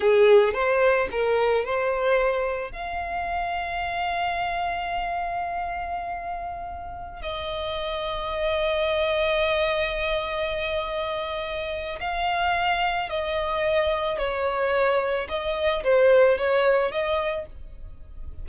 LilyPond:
\new Staff \with { instrumentName = "violin" } { \time 4/4 \tempo 4 = 110 gis'4 c''4 ais'4 c''4~ | c''4 f''2.~ | f''1~ | f''4~ f''16 dis''2~ dis''8.~ |
dis''1~ | dis''2 f''2 | dis''2 cis''2 | dis''4 c''4 cis''4 dis''4 | }